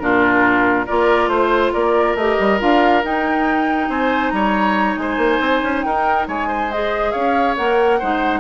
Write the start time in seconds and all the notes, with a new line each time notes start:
0.00 A#2 D4 F4 A#4
0.86 A#3 F4 A#4 D5
1.28 A3 C5
1.73 A#3 A#4 D5
2.15 A3 G4 D#5
2.40 G3
2.59 D4 F4 F5
3.03 D#4 G5
3.89 C4 C5 G#5
4.30 G3 C#5 A#5
4.97 G#3 C5 G#5
5.17 A#3
5.41 C4
5.62 C#4
5.83 D#4 A#4 G5
6.28 G#3 C#5 G#5
6.48 C5
6.72 G#4 D#5
7.12 C#4 C#5 F5
7.57 A#3 A#4 F#5
7.99 G#3 D#4 C5